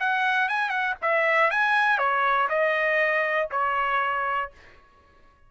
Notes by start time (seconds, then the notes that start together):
0.00 F#5
0.49 G#5
0.70 F#5
1.02 E5
1.51 G#5
1.98 C#5
2.50 D#5
3.51 C#5